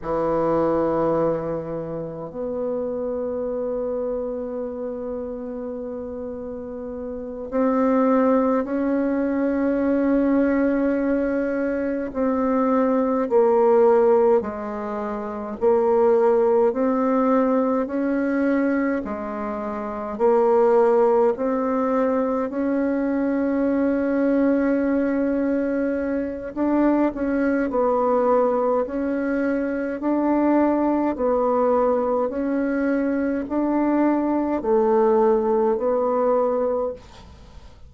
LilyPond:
\new Staff \with { instrumentName = "bassoon" } { \time 4/4 \tempo 4 = 52 e2 b2~ | b2~ b8 c'4 cis'8~ | cis'2~ cis'8 c'4 ais8~ | ais8 gis4 ais4 c'4 cis'8~ |
cis'8 gis4 ais4 c'4 cis'8~ | cis'2. d'8 cis'8 | b4 cis'4 d'4 b4 | cis'4 d'4 a4 b4 | }